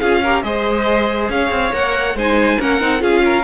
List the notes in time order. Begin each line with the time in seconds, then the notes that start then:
0.00 C#4 F4 G#4 F5
0.22 G4 A#4
0.43 G#3 G#4 C5 D#5
1.29 C#4 C#5 F5
1.50 C4
1.73 A#3 A#4 F#5
2.15 G#3 D#4 C5 G#5
2.59 A#3 C#4 A#4 F#5
2.81 C4 D#4
2.99 C#4 F4 G#4 F5
3.24 A#4